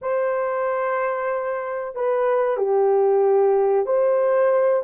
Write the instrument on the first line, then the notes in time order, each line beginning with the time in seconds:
horn
0.01 C5
1.95 B4
2.57 G4
3.86 C5